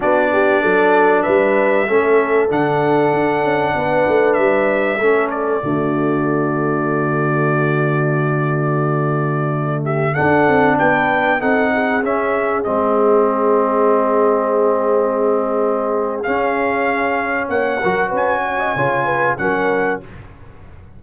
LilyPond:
<<
  \new Staff \with { instrumentName = "trumpet" } { \time 4/4 \tempo 4 = 96 d''2 e''2 | fis''2. e''4~ | e''8 d''2.~ d''8~ | d''2.~ d''8. e''16~ |
e''16 fis''4 g''4 fis''4 e''8.~ | e''16 dis''2.~ dis''8.~ | dis''2 f''2 | fis''4 gis''2 fis''4 | }
  \new Staff \with { instrumentName = "horn" } { \time 4/4 fis'8 g'8 a'4 b'4 a'4~ | a'2 b'2 | a'4 fis'2.~ | fis'2.~ fis'8. g'16~ |
g'16 a'4 b'4 a'8 gis'4~ gis'16~ | gis'1~ | gis'1 | cis''8 ais'8 b'8 cis''16 dis''16 cis''8 b'8 ais'4 | }
  \new Staff \with { instrumentName = "trombone" } { \time 4/4 d'2. cis'4 | d'1 | cis'4 a2.~ | a1~ |
a16 d'2 dis'4 cis'8.~ | cis'16 c'2.~ c'8.~ | c'2 cis'2~ | cis'8 fis'4. f'4 cis'4 | }
  \new Staff \with { instrumentName = "tuba" } { \time 4/4 b4 fis4 g4 a4 | d4 d'8 cis'8 b8 a8 g4 | a4 d2.~ | d1~ |
d16 d'8 c'8 b4 c'4 cis'8.~ | cis'16 gis2.~ gis8.~ | gis2 cis'2 | ais8 fis8 cis'4 cis4 fis4 | }
>>